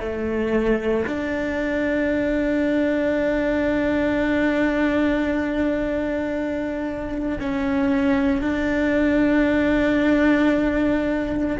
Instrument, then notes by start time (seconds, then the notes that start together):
cello
0.00 A3
1.07 D4
7.40 C#4
8.41 D4